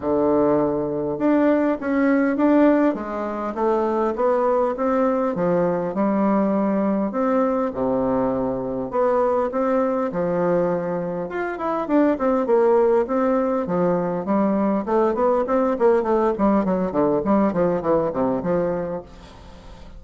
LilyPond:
\new Staff \with { instrumentName = "bassoon" } { \time 4/4 \tempo 4 = 101 d2 d'4 cis'4 | d'4 gis4 a4 b4 | c'4 f4 g2 | c'4 c2 b4 |
c'4 f2 f'8 e'8 | d'8 c'8 ais4 c'4 f4 | g4 a8 b8 c'8 ais8 a8 g8 | fis8 d8 g8 f8 e8 c8 f4 | }